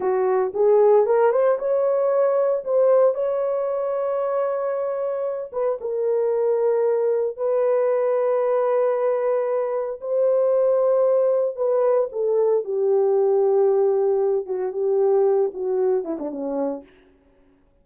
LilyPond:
\new Staff \with { instrumentName = "horn" } { \time 4/4 \tempo 4 = 114 fis'4 gis'4 ais'8 c''8 cis''4~ | cis''4 c''4 cis''2~ | cis''2~ cis''8 b'8 ais'4~ | ais'2 b'2~ |
b'2. c''4~ | c''2 b'4 a'4 | g'2.~ g'8 fis'8 | g'4. fis'4 e'16 d'16 cis'4 | }